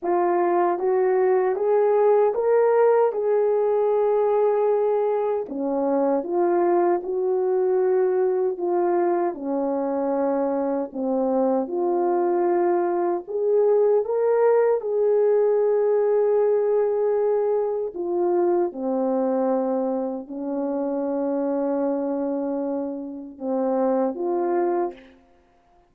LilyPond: \new Staff \with { instrumentName = "horn" } { \time 4/4 \tempo 4 = 77 f'4 fis'4 gis'4 ais'4 | gis'2. cis'4 | f'4 fis'2 f'4 | cis'2 c'4 f'4~ |
f'4 gis'4 ais'4 gis'4~ | gis'2. f'4 | c'2 cis'2~ | cis'2 c'4 f'4 | }